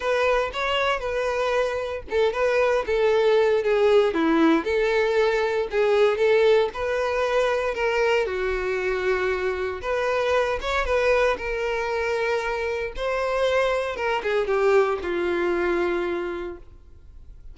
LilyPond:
\new Staff \with { instrumentName = "violin" } { \time 4/4 \tempo 4 = 116 b'4 cis''4 b'2 | a'8 b'4 a'4. gis'4 | e'4 a'2 gis'4 | a'4 b'2 ais'4 |
fis'2. b'4~ | b'8 cis''8 b'4 ais'2~ | ais'4 c''2 ais'8 gis'8 | g'4 f'2. | }